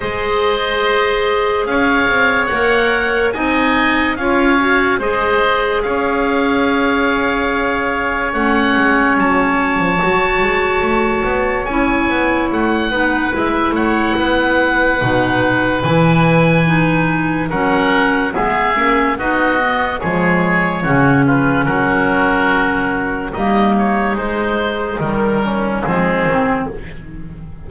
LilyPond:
<<
  \new Staff \with { instrumentName = "oboe" } { \time 4/4 \tempo 4 = 72 dis''2 f''4 fis''4 | gis''4 f''4 dis''4 f''4~ | f''2 fis''4 a''4~ | a''2 gis''4 fis''4 |
e''8 fis''2~ fis''8 gis''4~ | gis''4 fis''4 e''4 dis''4 | cis''4. b'8 ais'2 | dis''8 cis''8 c''4 ais'4 gis'4 | }
  \new Staff \with { instrumentName = "oboe" } { \time 4/4 c''2 cis''2 | dis''4 cis''4 c''4 cis''4~ | cis''1~ | cis''2.~ cis''8 b'8~ |
b'8 cis''8 b'2.~ | b'4 ais'4 gis'4 fis'4 | gis'4 fis'8 f'8 fis'2 | dis'2~ dis'8 cis'8 c'4 | }
  \new Staff \with { instrumentName = "clarinet" } { \time 4/4 gis'2. ais'4 | dis'4 f'8 fis'8 gis'2~ | gis'2 cis'2 | fis'2 e'4. dis'8 |
e'2 dis'4 e'4 | dis'4 cis'4 b8 cis'8 dis'8 b8 | gis4 cis'2. | ais4 gis4 g4 gis8 c'8 | }
  \new Staff \with { instrumentName = "double bass" } { \time 4/4 gis2 cis'8 c'8 ais4 | c'4 cis'4 gis4 cis'4~ | cis'2 a8 gis8 fis8. f16 | fis8 gis8 a8 b8 cis'8 b8 a8 b8 |
gis8 a8 b4 b,4 e4~ | e4 fis4 gis8 ais8 b4 | f4 cis4 fis2 | g4 gis4 dis4 f8 dis8 | }
>>